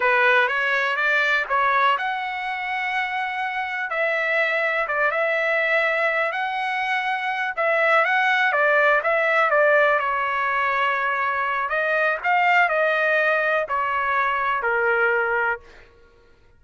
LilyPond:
\new Staff \with { instrumentName = "trumpet" } { \time 4/4 \tempo 4 = 123 b'4 cis''4 d''4 cis''4 | fis''1 | e''2 d''8 e''4.~ | e''4 fis''2~ fis''8 e''8~ |
e''8 fis''4 d''4 e''4 d''8~ | d''8 cis''2.~ cis''8 | dis''4 f''4 dis''2 | cis''2 ais'2 | }